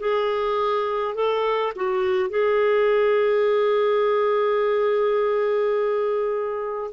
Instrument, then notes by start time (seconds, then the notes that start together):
clarinet
0.00 G#4
1.15 A4
1.76 F#4
2.30 G#4